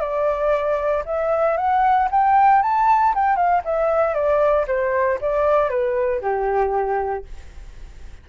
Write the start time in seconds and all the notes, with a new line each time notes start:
0.00 D5
1.05 E5
1.57 F#5
2.11 G5
2.62 A5
3.14 G5
3.36 F5
3.64 E5
4.14 D5
4.67 C5
5.21 D5
5.69 B4
6.21 G4